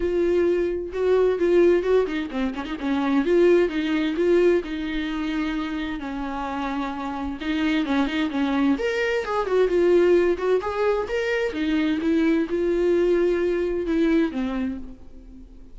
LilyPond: \new Staff \with { instrumentName = "viola" } { \time 4/4 \tempo 4 = 130 f'2 fis'4 f'4 | fis'8 dis'8 c'8 cis'16 dis'16 cis'4 f'4 | dis'4 f'4 dis'2~ | dis'4 cis'2. |
dis'4 cis'8 dis'8 cis'4 ais'4 | gis'8 fis'8 f'4. fis'8 gis'4 | ais'4 dis'4 e'4 f'4~ | f'2 e'4 c'4 | }